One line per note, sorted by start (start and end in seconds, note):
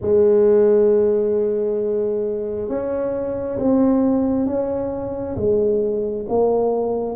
0.01 2.69 G#3
2.69 3.58 C#4
3.58 4.46 C4
4.46 5.36 C#4
5.36 6.26 G#3
6.28 7.15 A#3